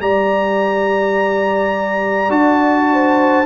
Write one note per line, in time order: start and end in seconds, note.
0.00 2.29 G3
0.00 2.30 G4
0.00 2.90 D5
0.00 2.32 A#5
2.29 3.44 D4
2.29 3.45 F#4
2.29 3.46 A5
2.92 3.46 C5